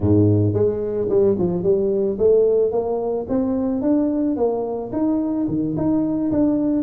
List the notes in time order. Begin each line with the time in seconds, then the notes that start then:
0.00 G#2
0.53 G#3
1.09 G3
1.38 F3
1.63 G3
2.18 A3
2.71 A#3
3.29 C4
3.81 D4
4.36 A#3
4.92 D#4
5.48 D#3
5.76 D#4
6.31 D4